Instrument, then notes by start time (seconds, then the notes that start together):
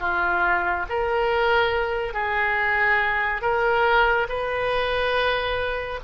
oboe
0.00 F4
0.89 A#4
2.13 G#4
3.41 A#4
4.29 B4